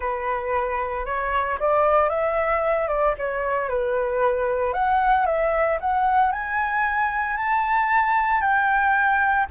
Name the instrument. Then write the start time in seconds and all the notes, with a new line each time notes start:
flute
0.00 B4
1.05 C#5
1.59 D5
2.09 E5
2.88 D5
3.18 C#5
3.68 B4
4.73 F#5
5.26 E5
5.80 F#5
6.32 G#5
7.36 A5
8.41 G5